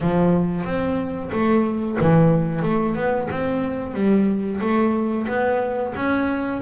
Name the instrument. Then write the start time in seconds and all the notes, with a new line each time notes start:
double bass
0.00 F3
0.64 C4
1.32 A3
2.00 E3
2.62 A3
2.95 B3
3.30 C4
3.94 G3
4.60 A3
5.27 B3
5.95 C#4